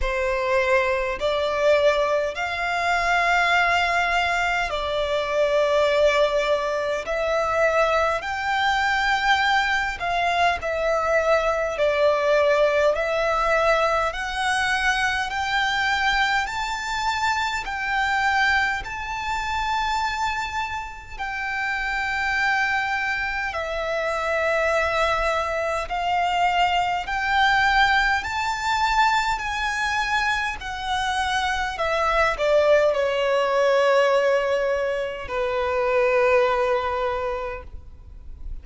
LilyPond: \new Staff \with { instrumentName = "violin" } { \time 4/4 \tempo 4 = 51 c''4 d''4 f''2 | d''2 e''4 g''4~ | g''8 f''8 e''4 d''4 e''4 | fis''4 g''4 a''4 g''4 |
a''2 g''2 | e''2 f''4 g''4 | a''4 gis''4 fis''4 e''8 d''8 | cis''2 b'2 | }